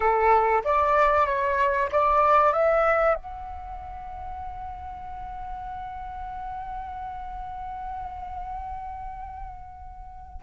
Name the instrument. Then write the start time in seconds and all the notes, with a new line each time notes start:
flute
0.00 A4
0.64 D5
1.26 C#5
1.92 D5
2.52 E5
3.14 F#5